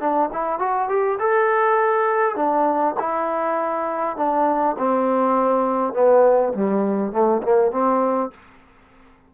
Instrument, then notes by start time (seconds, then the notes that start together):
trombone
0.00 D4
0.32 E4
0.59 F#4
0.88 G4
1.19 A4
2.35 D4
2.99 E4
4.16 D4
4.78 C4
5.93 B3
6.53 G3
7.12 A3
7.43 A#3
7.71 C4